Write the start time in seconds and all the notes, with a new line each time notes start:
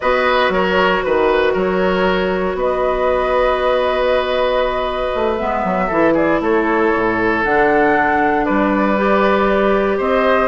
0.00 B3 F#4 B4 D#5
0.49 F#3 A#4 C#5
1.02 D#3 B4
1.53 F#3 A#4 C#5
2.54 B3 B4 D#5
5.14 A3
5.36 G#3 B3 E5
5.64 F#3
5.87 E3 E4 A4
6.13 G#4 D5
6.40 A3 A4 C#5
6.94 A2
7.43 D3 D4 F#5
8.44 G3 B4 D5
8.96 G4
9.97 C4 C5 D#5